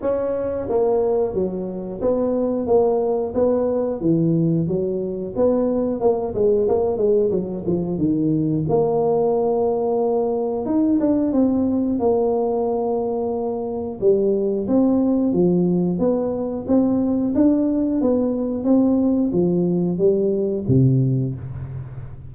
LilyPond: \new Staff \with { instrumentName = "tuba" } { \time 4/4 \tempo 4 = 90 cis'4 ais4 fis4 b4 | ais4 b4 e4 fis4 | b4 ais8 gis8 ais8 gis8 fis8 f8 | dis4 ais2. |
dis'8 d'8 c'4 ais2~ | ais4 g4 c'4 f4 | b4 c'4 d'4 b4 | c'4 f4 g4 c4 | }